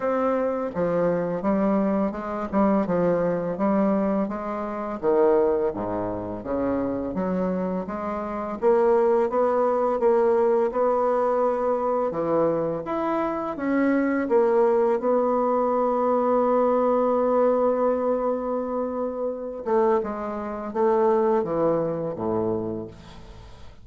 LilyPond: \new Staff \with { instrumentName = "bassoon" } { \time 4/4 \tempo 4 = 84 c'4 f4 g4 gis8 g8 | f4 g4 gis4 dis4 | gis,4 cis4 fis4 gis4 | ais4 b4 ais4 b4~ |
b4 e4 e'4 cis'4 | ais4 b2.~ | b2.~ b8 a8 | gis4 a4 e4 a,4 | }